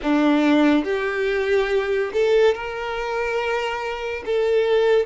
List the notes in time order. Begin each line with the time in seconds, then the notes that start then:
0.02 D4
0.84 G4
2.13 A4
2.54 A#4
4.25 A4